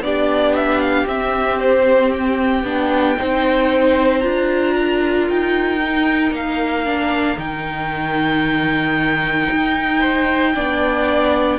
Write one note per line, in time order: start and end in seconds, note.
0.00 1.05 B3
0.00 1.06 D4
0.00 3.18 G4
0.00 0.55 D5
0.55 0.80 E5
0.80 1.07 F5
1.06 2.64 C4
1.06 2.63 C4
1.06 1.59 E5
1.59 2.12 C5
2.13 4.19 G5
2.63 3.16 B3
2.63 3.17 D4
3.17 4.24 C4
3.17 4.22 D#4
3.17 4.75 C5
4.19 5.30 D4
4.19 5.80 F4
4.19 5.25 A#5
4.75 9.99 A#4
5.29 6.31 D#4
5.29 6.34 G5
5.82 6.85 D#4
6.31 7.36 A#3
6.31 7.39 F5
6.85 7.37 D4
7.37 9.48 D#3
7.37 10.52 D#4
7.37 11.59 G5
9.51 10.56 D#4
9.99 10.52 C5
10.55 11.59 B3
10.55 11.59 D4
10.55 11.59 D5